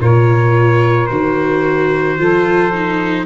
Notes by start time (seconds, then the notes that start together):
0.00 A#2 F4 A#4 C#5
1.06 D#3 F#4 C5
2.18 F3 F4 A4
2.72 D#4